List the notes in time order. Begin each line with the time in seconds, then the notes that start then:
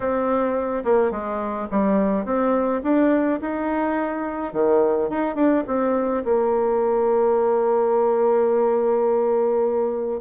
0.00 C4
0.84 A#3
1.11 G#3
1.70 G3
2.25 C4
2.83 D4
3.41 D#4
4.53 D#3
5.09 D#4
5.35 D4
5.67 C4
6.24 A#3